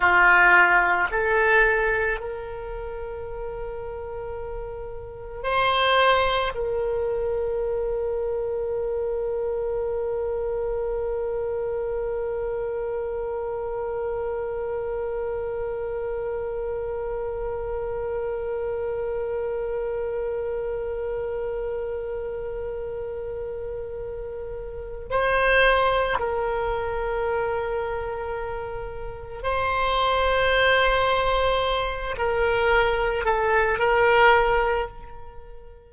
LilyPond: \new Staff \with { instrumentName = "oboe" } { \time 4/4 \tempo 4 = 55 f'4 a'4 ais'2~ | ais'4 c''4 ais'2~ | ais'1~ | ais'1~ |
ais'1~ | ais'2. c''4 | ais'2. c''4~ | c''4. ais'4 a'8 ais'4 | }